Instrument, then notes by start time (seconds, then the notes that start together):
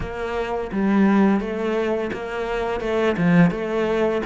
cello
0.00 A#3
0.72 G3
1.40 A3
2.12 A#3
2.80 A3
3.17 F3
3.50 A3